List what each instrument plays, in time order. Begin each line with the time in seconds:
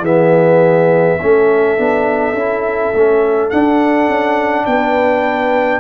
0.00 tuba E3, trombone B3, horn G#4, trumpet E5
1.20 tuba A3, trombone C#4, horn A4
1.78 tuba B3, trombone D4
2.34 tuba C#4, trombone E4
2.94 tuba A3, trombone C#4
3.50 trombone D4, tuba D4, trumpet F#5
4.08 tuba C#4
4.66 tuba B3, horn B4, trumpet G5